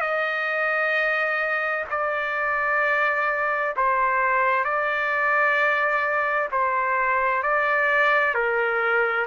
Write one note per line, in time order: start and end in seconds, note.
0.00 1.85 D#5
1.90 3.75 D5
3.76 4.64 C5
4.64 6.49 D5
6.51 7.43 C5
7.43 8.34 D5
8.34 9.26 A#4